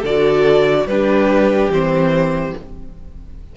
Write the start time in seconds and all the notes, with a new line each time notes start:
0.00 D3 F#4 A4 D5
0.85 G3 D4 G4 B4
1.69 E3 C4 C5